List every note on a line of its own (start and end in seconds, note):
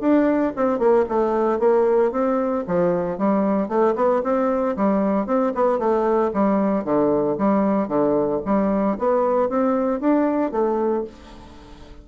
0.00 0.53 D4
0.56 0.78 C4
0.78 1.05 A#3
1.09 1.59 A3
1.59 2.11 A#3
2.11 2.64 C4
2.67 3.18 F3
3.18 3.68 G3
3.68 3.94 A3
3.96 4.22 B3
4.23 4.76 C4
4.76 5.26 G3
5.26 5.52 C4
5.55 5.79 B3
5.79 6.31 A3
6.33 6.84 G3
6.84 7.37 D3
7.38 7.88 G3
7.88 8.41 D3
8.45 8.98 G3
8.98 9.49 B3
9.49 10.00 C4
10.00 10.51 D4
10.51 11.04 A3